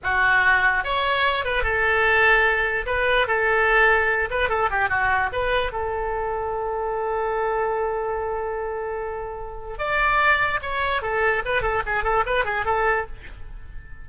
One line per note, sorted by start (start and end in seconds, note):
0.03 0.83 F#4
0.83 1.44 C#5
1.44 1.63 B4
1.63 2.85 A4
2.86 3.27 B4
3.27 4.29 A4
4.30 4.49 B4
4.49 4.69 A4
4.70 4.89 G4
4.89 5.30 F#4
5.32 5.72 B4
5.72 9.78 A4
9.78 10.60 D5
10.62 11.02 C#5
11.02 11.42 A4
11.45 11.62 B4
11.62 11.82 A4
11.86 12.03 G#4
12.03 12.24 A4
12.26 12.45 B4
12.45 12.65 G#4
12.65 13.06 A4